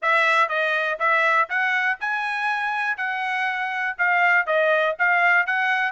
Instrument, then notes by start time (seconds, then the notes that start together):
trumpet
0.02 E5
0.48 D#5
0.99 E5
1.49 F#5
2.00 G#5
2.97 F#5
3.98 F5
4.46 D#5
4.99 F5
5.46 F#5